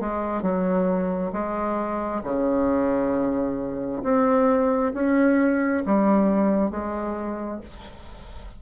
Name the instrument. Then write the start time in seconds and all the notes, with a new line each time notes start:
bassoon
0.00 G#3
0.42 F#3
1.32 G#3
2.23 C#3
4.03 C4
4.94 C#4
5.85 G3
6.70 G#3